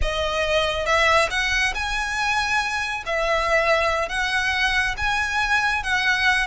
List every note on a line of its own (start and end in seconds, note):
0.01 0.85 D#5
0.85 1.29 E5
1.30 1.73 F#5
1.74 3.03 G#5
3.05 4.08 E5
4.08 4.95 F#5
4.97 5.83 G#5
5.83 6.46 F#5